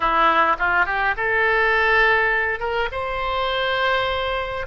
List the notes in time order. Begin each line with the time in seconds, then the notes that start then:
0.00 E4
0.58 F4
0.85 G4
1.16 A4
2.59 A#4
2.91 C5